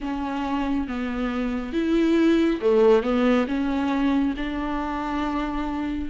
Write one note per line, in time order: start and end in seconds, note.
0.00 0.87 C#4
0.87 1.72 B3
1.72 2.59 E4
2.61 3.02 A3
3.02 3.46 B3
3.47 4.34 C#4
4.37 6.09 D4